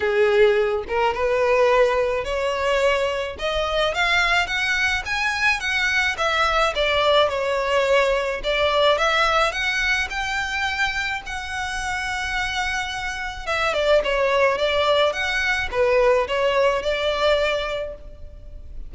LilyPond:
\new Staff \with { instrumentName = "violin" } { \time 4/4 \tempo 4 = 107 gis'4. ais'8 b'2 | cis''2 dis''4 f''4 | fis''4 gis''4 fis''4 e''4 | d''4 cis''2 d''4 |
e''4 fis''4 g''2 | fis''1 | e''8 d''8 cis''4 d''4 fis''4 | b'4 cis''4 d''2 | }